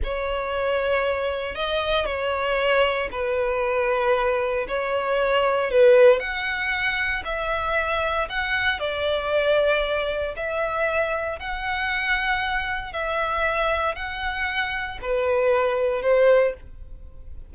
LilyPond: \new Staff \with { instrumentName = "violin" } { \time 4/4 \tempo 4 = 116 cis''2. dis''4 | cis''2 b'2~ | b'4 cis''2 b'4 | fis''2 e''2 |
fis''4 d''2. | e''2 fis''2~ | fis''4 e''2 fis''4~ | fis''4 b'2 c''4 | }